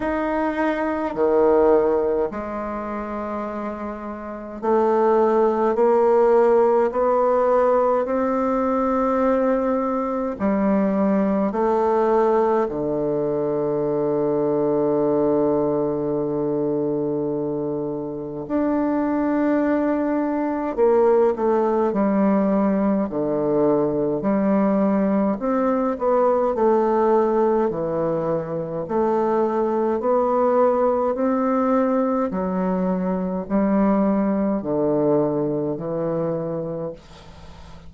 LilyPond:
\new Staff \with { instrumentName = "bassoon" } { \time 4/4 \tempo 4 = 52 dis'4 dis4 gis2 | a4 ais4 b4 c'4~ | c'4 g4 a4 d4~ | d1 |
d'2 ais8 a8 g4 | d4 g4 c'8 b8 a4 | e4 a4 b4 c'4 | fis4 g4 d4 e4 | }